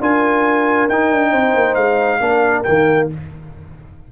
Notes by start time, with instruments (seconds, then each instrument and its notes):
0.00 tuba D4, trombone F4, horn A#4, trumpet G#5
0.89 tuba D#4, trombone D#4, trumpet G5
1.11 tuba D4
1.31 tuba C4, horn C5
1.55 tuba A#3
1.75 tuba G#3, trumpet F5
2.20 tuba A#3, trombone D4, horn A#4
2.63 tuba D#3, trombone A#3, trumpet G5